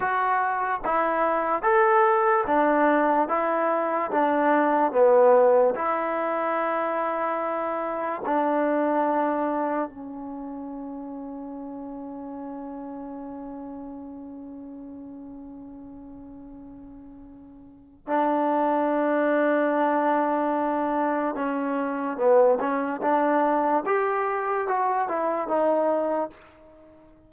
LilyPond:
\new Staff \with { instrumentName = "trombone" } { \time 4/4 \tempo 4 = 73 fis'4 e'4 a'4 d'4 | e'4 d'4 b4 e'4~ | e'2 d'2 | cis'1~ |
cis'1~ | cis'2 d'2~ | d'2 cis'4 b8 cis'8 | d'4 g'4 fis'8 e'8 dis'4 | }